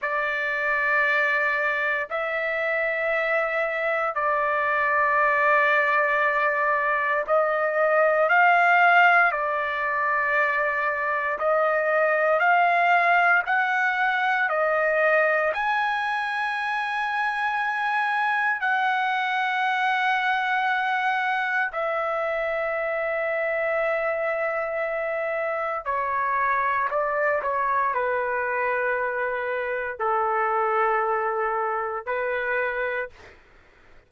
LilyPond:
\new Staff \with { instrumentName = "trumpet" } { \time 4/4 \tempo 4 = 58 d''2 e''2 | d''2. dis''4 | f''4 d''2 dis''4 | f''4 fis''4 dis''4 gis''4~ |
gis''2 fis''2~ | fis''4 e''2.~ | e''4 cis''4 d''8 cis''8 b'4~ | b'4 a'2 b'4 | }